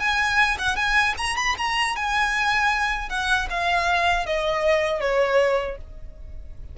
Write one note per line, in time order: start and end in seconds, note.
0.00 0.58 G#5
0.59 0.77 F#5
0.77 1.15 G#5
1.18 1.37 A#5
1.37 1.56 B5
1.58 1.96 A#5
1.96 3.10 G#5
3.10 3.48 F#5
3.50 4.27 F5
4.27 5.01 D#5
5.01 5.78 C#5